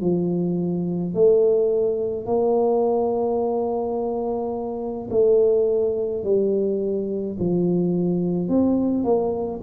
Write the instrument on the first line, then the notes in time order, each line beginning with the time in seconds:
tuba
0.00 F3
1.13 A3
2.25 A#3
5.10 A3
6.23 G3
7.39 F3
8.48 C4
9.04 A#3